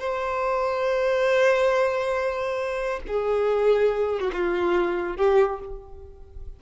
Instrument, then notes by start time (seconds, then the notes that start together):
violin
0.00 C5
3.08 G#4
4.21 F#4
4.33 F4
5.17 G4